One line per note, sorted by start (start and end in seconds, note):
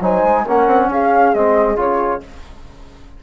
0.00 0.22 F#3
0.00 0.46 D#4
0.00 0.44 C5
0.00 0.47 G#5
0.23 0.45 G#3
0.44 0.67 A#3
0.44 1.34 C#4
0.44 0.88 A#4
0.44 0.91 F#5
0.67 0.88 C4
0.88 1.32 C#4
0.88 2.23 G#4
0.88 1.34 F5
1.34 1.76 G#3
1.34 1.76 C4
1.34 1.78 D#5
1.76 2.20 C#3
1.76 2.20 F4
1.76 2.22 C#5